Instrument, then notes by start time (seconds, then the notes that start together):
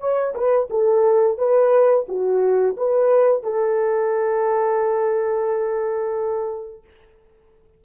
horn
0.00 C#5
0.35 B4
0.70 A4
1.38 B4
2.08 F#4
2.77 B4
3.43 A4